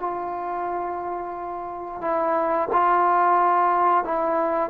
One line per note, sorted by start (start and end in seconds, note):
0.00 2.01 F4
2.01 2.69 E4
2.73 4.05 F4
4.05 4.70 E4